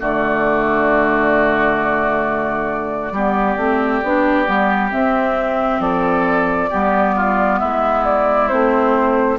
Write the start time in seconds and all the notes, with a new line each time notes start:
0.00 D3 A3 F#4 D5
3.12 G3 B3 G4
3.57 A3 C4
4.03 B3 D4
4.45 G3 B3
4.91 C4 E5
5.80 F3 A4 D5
6.70 G3 B3 G4
7.16 F4
7.59 G#3 E4 E5
8.05 D5
8.49 A3 C4 C5